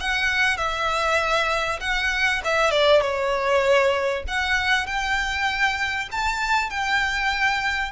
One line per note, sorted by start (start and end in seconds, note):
0.00 0.58 F#5
0.58 1.80 E5
1.81 2.42 F#5
2.45 2.71 E5
2.71 3.01 D5
3.01 4.24 C#5
4.28 4.86 F#5
4.86 6.09 G5
6.12 6.70 A5
6.70 7.92 G5